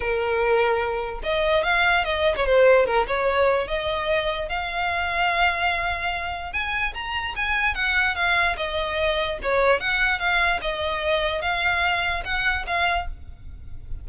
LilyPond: \new Staff \with { instrumentName = "violin" } { \time 4/4 \tempo 4 = 147 ais'2. dis''4 | f''4 dis''8. cis''16 c''4 ais'8 cis''8~ | cis''4 dis''2 f''4~ | f''1 |
gis''4 ais''4 gis''4 fis''4 | f''4 dis''2 cis''4 | fis''4 f''4 dis''2 | f''2 fis''4 f''4 | }